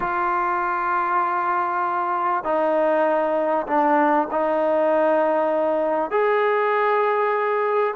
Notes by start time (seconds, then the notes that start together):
0.00 F4
2.44 D#4
3.66 D4
4.31 D#4
6.11 G#4